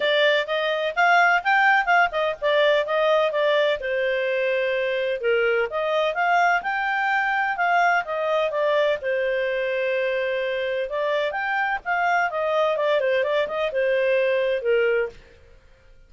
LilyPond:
\new Staff \with { instrumentName = "clarinet" } { \time 4/4 \tempo 4 = 127 d''4 dis''4 f''4 g''4 | f''8 dis''8 d''4 dis''4 d''4 | c''2. ais'4 | dis''4 f''4 g''2 |
f''4 dis''4 d''4 c''4~ | c''2. d''4 | g''4 f''4 dis''4 d''8 c''8 | d''8 dis''8 c''2 ais'4 | }